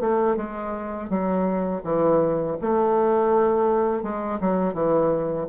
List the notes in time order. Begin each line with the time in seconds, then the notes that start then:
0.00 A3
0.36 G#3
1.09 F#3
1.84 E3
2.61 A3
4.02 G#3
4.40 F#3
4.73 E3